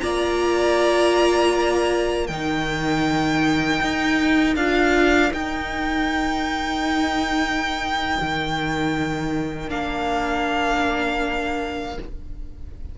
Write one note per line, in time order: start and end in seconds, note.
0.00 2.29 A#3
0.00 2.29 F4
0.00 2.26 D5
0.00 2.27 A#5
2.26 3.81 D#3
2.26 4.57 D#4
2.26 11.94 A#4
2.26 4.54 G5
3.81 4.56 D#4
4.56 5.31 D4
4.56 5.32 F4
4.56 5.32 F5
5.32 9.67 D#4
5.32 8.18 D#4
5.32 9.70 G5
8.20 9.69 D#3
9.67 11.97 A#3
9.67 11.95 D4
9.67 11.98 F5